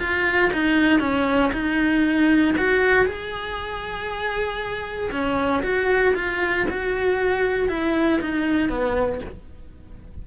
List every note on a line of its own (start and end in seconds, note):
0.00 0.51 F4
0.53 1.00 D#4
1.00 1.52 C#4
1.53 2.55 D#4
2.58 3.06 F#4
3.06 5.11 G#4
5.12 5.63 C#4
5.63 6.15 F#4
6.16 6.67 F4
6.70 7.69 F#4
7.69 8.21 E4
8.21 8.69 D#4
8.69 9.21 B3